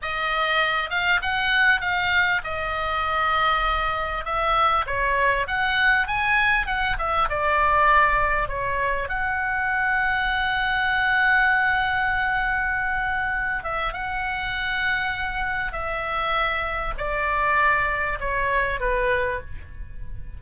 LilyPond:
\new Staff \with { instrumentName = "oboe" } { \time 4/4 \tempo 4 = 99 dis''4. f''8 fis''4 f''4 | dis''2. e''4 | cis''4 fis''4 gis''4 fis''8 e''8 | d''2 cis''4 fis''4~ |
fis''1~ | fis''2~ fis''8 e''8 fis''4~ | fis''2 e''2 | d''2 cis''4 b'4 | }